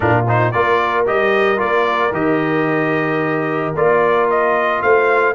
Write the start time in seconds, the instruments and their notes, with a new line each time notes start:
0.00 tuba A#2, trombone D4, horn F4, trumpet A#4
0.27 trombone D#4, trumpet C5
0.51 tuba A#3, trombone F4, horn A#4, trumpet D5
1.06 tuba G3, trombone G4, trumpet D#5
1.57 tuba A#3, trombone F4, trumpet D5
2.12 tuba D#3, trombone G4, trumpet D#5
3.75 tuba A#3, trombone F4, trumpet D5
4.29 trumpet D#5
4.82 tuba A3, horn C5, trumpet F5